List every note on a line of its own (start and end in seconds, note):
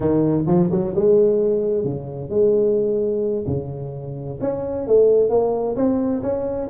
0.00 0.44 D#3
0.47 0.70 F3
0.71 0.94 F#3
0.95 1.84 G#3
1.84 2.30 C#3
2.30 3.45 G#3
3.47 4.39 C#3
4.41 4.87 C#4
4.87 5.29 A3
5.29 5.75 A#3
5.76 6.22 C4
6.22 6.68 C#4